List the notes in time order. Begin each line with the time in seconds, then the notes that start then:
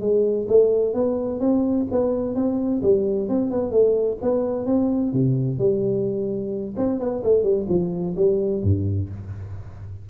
0.00 G#3
0.48 A3
0.94 B3
1.40 C4
1.91 B3
2.35 C4
2.82 G3
3.29 C4
3.50 B3
3.71 A3
4.22 B3
4.66 C4
5.13 C3
5.58 G3
6.77 C4
6.99 B3
7.23 A3
7.43 G3
7.69 F3
8.16 G3
8.63 G2